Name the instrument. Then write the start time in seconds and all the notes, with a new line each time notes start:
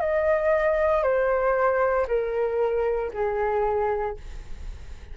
flute
0.00 D#5
1.03 C5
2.07 A#4
3.13 G#4